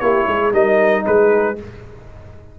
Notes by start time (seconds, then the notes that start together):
0.00 A#3 E4 G4 C#5
0.28 G#3 G#4
0.52 G3 D#4 A#4 D#5
1.06 G#3 G#4 B4